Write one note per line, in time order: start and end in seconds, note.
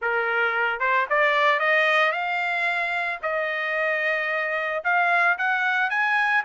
0.01 0.79 A#4
0.79 1.06 C5
1.09 1.59 D5
1.59 2.12 D#5
2.12 3.19 F5
3.22 4.83 D#5
4.84 5.37 F5
5.37 5.90 F#5
5.90 6.43 G#5